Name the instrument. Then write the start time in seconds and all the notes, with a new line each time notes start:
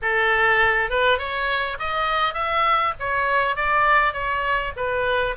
oboe
0.02 A4
0.89 B4
1.18 C#5
1.79 D#5
2.34 E5
2.99 C#5
3.55 D5
4.13 C#5
4.76 B4